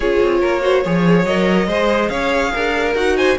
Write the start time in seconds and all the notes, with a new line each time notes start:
0.00 C#4 F4 G#4 C#5
0.21 C4
0.40 A#3 A#4
0.61 F#4 C5
0.84 F3 G#4 C#5
1.25 F#3 A#4 D#5
1.67 G#3 G#4 C5
2.09 C#4 C#5 F5
2.53 D4 A#4
2.94 D#4 F#4 F#5
3.16 C5 G#5